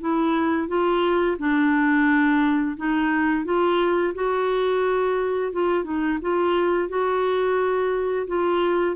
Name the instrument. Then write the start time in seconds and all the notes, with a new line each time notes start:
clarinet
0.00 E4
0.68 F4
1.38 D4
2.76 D#4
3.45 F4
4.14 F#4
5.52 F4
5.84 D#4
6.21 F4
6.88 F#4
8.27 F4